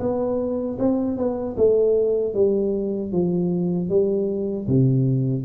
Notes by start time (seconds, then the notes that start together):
0.00 B3
0.79 C4
1.17 B3
1.57 A3
2.34 G3
3.12 F3
3.90 G3
4.68 C3